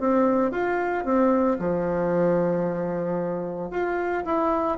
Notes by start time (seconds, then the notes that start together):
0.00 C4
0.52 F4
1.05 C4
1.60 F3
3.71 F4
4.26 E4